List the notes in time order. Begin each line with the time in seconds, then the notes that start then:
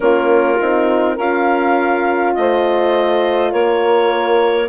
0.00 A#3 C#4 F4 A#4
0.60 C4 D#4
1.15 C#4 F4 A#4 F5
2.34 A3 C5 D#5
3.51 A#3 A#4 C#5